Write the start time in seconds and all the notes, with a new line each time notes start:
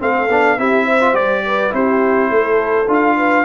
0.00 A3 C4 A4 F5
0.29 B3 D4
0.58 C4 E4 G4 E5
0.85 C5
1.01 F4
1.14 G3 G4 D5
1.46 B4
1.71 C4 E4 G4 C5
2.30 A3 A4
2.88 D4 F4 F5
3.17 B4